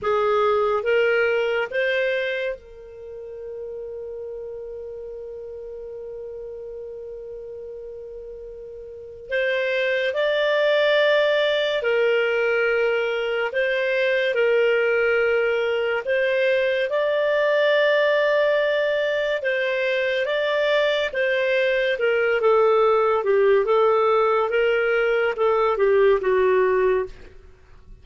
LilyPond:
\new Staff \with { instrumentName = "clarinet" } { \time 4/4 \tempo 4 = 71 gis'4 ais'4 c''4 ais'4~ | ais'1~ | ais'2. c''4 | d''2 ais'2 |
c''4 ais'2 c''4 | d''2. c''4 | d''4 c''4 ais'8 a'4 g'8 | a'4 ais'4 a'8 g'8 fis'4 | }